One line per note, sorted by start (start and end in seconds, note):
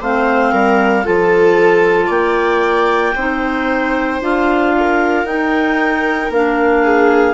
0.00 0.52 A3
0.00 1.03 C4
0.00 0.51 C5
0.00 1.06 F5
0.51 1.05 G3
0.51 1.04 A#4
1.03 2.09 F3
1.03 3.14 F4
1.03 2.07 A4
1.03 2.10 A5
2.07 3.14 A#3
2.07 3.12 D5
2.07 4.21 G5
3.15 4.20 C4
3.15 4.21 D#4
3.15 4.73 C5
4.20 5.24 D4
4.20 5.26 F4
4.20 5.26 F5
4.78 6.83 A#4
5.24 6.29 D#4
5.24 6.32 D#4
5.24 6.31 G5
6.29 7.34 A#3
6.29 7.34 D4
6.29 7.34 F5
6.83 7.34 G#4